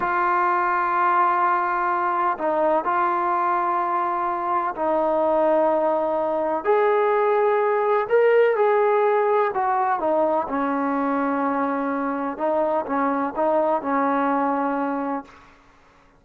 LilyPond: \new Staff \with { instrumentName = "trombone" } { \time 4/4 \tempo 4 = 126 f'1~ | f'4 dis'4 f'2~ | f'2 dis'2~ | dis'2 gis'2~ |
gis'4 ais'4 gis'2 | fis'4 dis'4 cis'2~ | cis'2 dis'4 cis'4 | dis'4 cis'2. | }